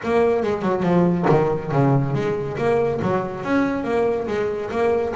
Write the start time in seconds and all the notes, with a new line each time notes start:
0.03 A#3
0.42 G#3
0.62 F#3
0.83 F3
1.29 D#3
1.71 C#3
2.14 G#3
2.57 A#3
3.02 F#3
3.43 C#4
3.84 A#3
4.27 G#3
4.70 A#3